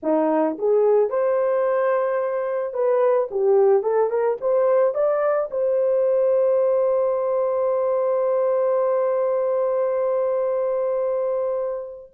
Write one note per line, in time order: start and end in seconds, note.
0.02 0.57 D#4
0.58 1.09 G#4
1.09 2.73 C5
2.73 3.28 B4
3.31 3.82 G4
3.82 4.09 A4
4.09 4.37 A#4
4.40 4.94 C5
4.94 5.49 D5
5.50 12.11 C5